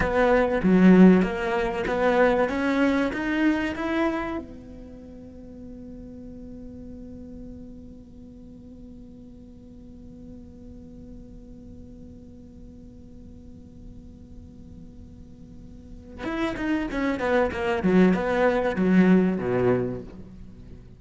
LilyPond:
\new Staff \with { instrumentName = "cello" } { \time 4/4 \tempo 4 = 96 b4 fis4 ais4 b4 | cis'4 dis'4 e'4 b4~ | b1~ | b1~ |
b1~ | b1~ | b2 e'8 dis'8 cis'8 b8 | ais8 fis8 b4 fis4 b,4 | }